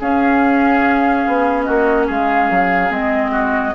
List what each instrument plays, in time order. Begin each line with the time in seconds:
0.00 clarinet C#4, bassoon C#4, oboe G#4, flute F5
1.27 bassoon B3
1.63 bassoon A#3, oboe F#4, flute D#5
2.06 bassoon G#3, oboe G#4, flute F5
2.50 bassoon F#3
2.90 bassoon G#3, clarinet C4, flute D#5
3.31 oboe F#4